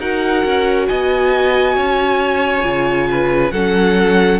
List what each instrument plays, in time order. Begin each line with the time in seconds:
0.00 cello D#4, viola F#4, violin A#4 F#5
0.45 cello C#4
0.88 cello B3, violin D#5 G#5
1.76 cello C#4, violin C#5
2.63 cello C#3, viola F4
3.11 violin B4
3.51 cello F#3, viola C#4, violin A4 F#5